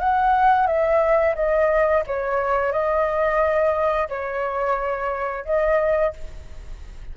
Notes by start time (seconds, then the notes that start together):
0.00 F#5
0.67 E5
1.35 D#5
2.07 C#5
2.72 D#5
4.09 C#5
5.45 D#5